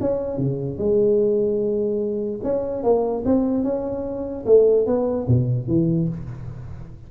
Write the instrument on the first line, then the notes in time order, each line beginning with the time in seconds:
tuba
0.00 C#4
0.37 C#3
0.78 G#3
2.43 C#4
2.83 A#3
3.25 C4
3.63 C#4
4.46 A3
4.86 B3
5.27 B2
5.67 E3